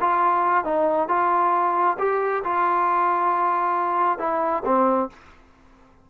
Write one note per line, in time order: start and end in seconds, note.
0.00 0.64 F4
0.64 1.08 D#4
1.08 1.97 F4
1.98 2.43 G4
2.43 4.18 F4
4.18 4.63 E4
4.65 5.09 C4